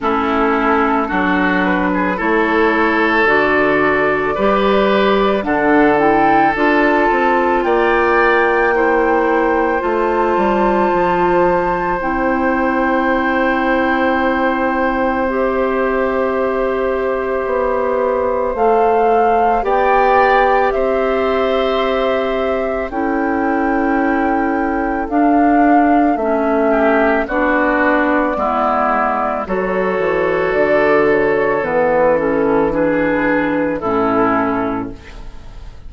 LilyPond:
<<
  \new Staff \with { instrumentName = "flute" } { \time 4/4 \tempo 4 = 55 a'4. b'8 cis''4 d''4~ | d''4 fis''8 g''8 a''4 g''4~ | g''4 a''2 g''4~ | g''2 e''2~ |
e''4 f''4 g''4 e''4~ | e''4 g''2 f''4 | e''4 d''2 cis''4 | d''8 cis''8 b'8 a'8 b'4 a'4 | }
  \new Staff \with { instrumentName = "oboe" } { \time 4/4 e'4 fis'8. gis'16 a'2 | b'4 a'2 d''4 | c''1~ | c''1~ |
c''2 d''4 c''4~ | c''4 a'2.~ | a'8 g'8 fis'4 e'4 a'4~ | a'2 gis'4 e'4 | }
  \new Staff \with { instrumentName = "clarinet" } { \time 4/4 cis'4 d'4 e'4 fis'4 | g'4 d'8 e'8 f'2 | e'4 f'2 e'4~ | e'2 g'2~ |
g'4 a'4 g'2~ | g'4 e'2 d'4 | cis'4 d'4 b4 fis'4~ | fis'4 b8 cis'8 d'4 cis'4 | }
  \new Staff \with { instrumentName = "bassoon" } { \time 4/4 a4 fis4 a4 d4 | g4 d4 d'8 c'8 ais4~ | ais4 a8 g8 f4 c'4~ | c'1 |
b4 a4 b4 c'4~ | c'4 cis'2 d'4 | a4 b4 gis4 fis8 e8 | d4 e2 a,4 | }
>>